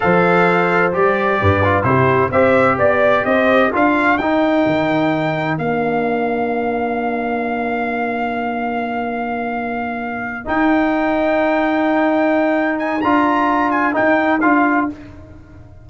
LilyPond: <<
  \new Staff \with { instrumentName = "trumpet" } { \time 4/4 \tempo 4 = 129 f''2 d''2 | c''4 e''4 d''4 dis''4 | f''4 g''2. | f''1~ |
f''1~ | f''2~ f''8 g''4.~ | g''2.~ g''8 gis''8 | ais''4. gis''8 g''4 f''4 | }
  \new Staff \with { instrumentName = "horn" } { \time 4/4 c''2. b'4 | g'4 c''4 d''4 c''4 | ais'1~ | ais'1~ |
ais'1~ | ais'1~ | ais'1~ | ais'1 | }
  \new Staff \with { instrumentName = "trombone" } { \time 4/4 a'2 g'4. f'8 | e'4 g'2. | f'4 dis'2. | d'1~ |
d'1~ | d'2~ d'8 dis'4.~ | dis'1 | f'2 dis'4 f'4 | }
  \new Staff \with { instrumentName = "tuba" } { \time 4/4 f2 g4 g,4 | c4 c'4 b4 c'4 | d'4 dis'4 dis2 | ais1~ |
ais1~ | ais2~ ais8 dis'4.~ | dis'1 | d'2 dis'4 d'4 | }
>>